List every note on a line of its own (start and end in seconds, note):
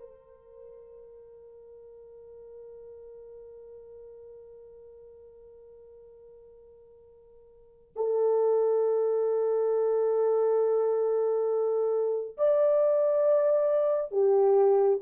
0.00 7.94 A#4
7.96 12.37 A4
12.38 14.12 D5
14.12 15.00 G4